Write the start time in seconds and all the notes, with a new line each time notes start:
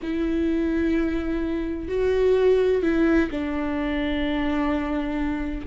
0.02 E4
1.88 F#4
2.82 E4
3.30 D4